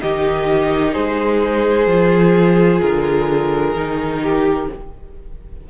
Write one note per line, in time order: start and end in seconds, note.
0.00 0.96 D#3
0.00 1.88 D#4
0.00 0.93 G4
0.00 0.93 D#5
0.93 1.87 G#3
0.93 4.21 G#4
0.93 2.80 C5
1.87 2.80 F3
1.87 3.76 F4
2.81 3.75 D3
2.81 4.68 A#4
3.75 4.69 D#3
3.75 4.70 D#4
4.22 4.69 G4